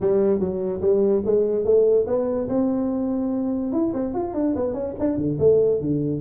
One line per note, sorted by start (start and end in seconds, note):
0.00 0.39 G3
0.39 0.81 F#3
0.81 1.22 G3
1.25 1.64 G#3
1.64 2.06 A3
2.06 2.48 B3
2.48 3.72 C4
3.72 3.93 E4
3.93 4.14 C4
4.14 4.34 F4
4.34 4.54 D4
4.55 4.73 B3
4.73 4.94 C#4
4.99 5.17 D4
5.17 5.37 D3
5.39 5.80 A3
5.80 6.21 D3